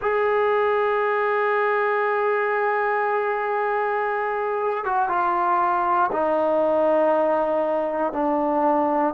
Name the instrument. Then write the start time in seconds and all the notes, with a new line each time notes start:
trombone
0.01 G#4
4.84 F#4
5.08 F4
6.12 D#4
8.13 D4